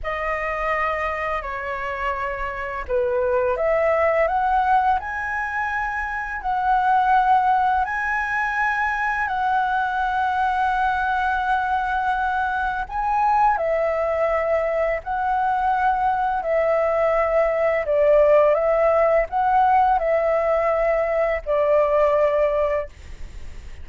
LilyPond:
\new Staff \with { instrumentName = "flute" } { \time 4/4 \tempo 4 = 84 dis''2 cis''2 | b'4 e''4 fis''4 gis''4~ | gis''4 fis''2 gis''4~ | gis''4 fis''2.~ |
fis''2 gis''4 e''4~ | e''4 fis''2 e''4~ | e''4 d''4 e''4 fis''4 | e''2 d''2 | }